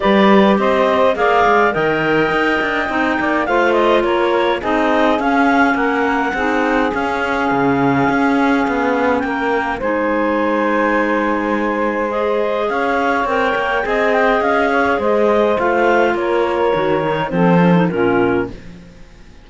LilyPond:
<<
  \new Staff \with { instrumentName = "clarinet" } { \time 4/4 \tempo 4 = 104 d''4 dis''4 f''4 g''4~ | g''2 f''8 dis''8 cis''4 | dis''4 f''4 fis''2 | f''1 |
g''4 gis''2.~ | gis''4 dis''4 f''4 g''4 | gis''8 g''8 f''4 dis''4 f''4 | cis''2 c''4 ais'4 | }
  \new Staff \with { instrumentName = "saxophone" } { \time 4/4 b'4 c''4 d''4 dis''4~ | dis''4. d''8 c''4 ais'4 | gis'2 ais'4 gis'4~ | gis'1 |
ais'4 c''2.~ | c''2 cis''2 | dis''4. cis''8 c''2 | ais'2 a'4 f'4 | }
  \new Staff \with { instrumentName = "clarinet" } { \time 4/4 g'2 gis'4 ais'4~ | ais'4 dis'4 f'2 | dis'4 cis'2 dis'4 | cis'1~ |
cis'4 dis'2.~ | dis'4 gis'2 ais'4 | gis'2. f'4~ | f'4 fis'8 dis'8 c'8 cis'16 dis'16 cis'4 | }
  \new Staff \with { instrumentName = "cello" } { \time 4/4 g4 c'4 ais8 gis8 dis4 | dis'8 d'8 c'8 ais8 a4 ais4 | c'4 cis'4 ais4 c'4 | cis'4 cis4 cis'4 b4 |
ais4 gis2.~ | gis2 cis'4 c'8 ais8 | c'4 cis'4 gis4 a4 | ais4 dis4 f4 ais,4 | }
>>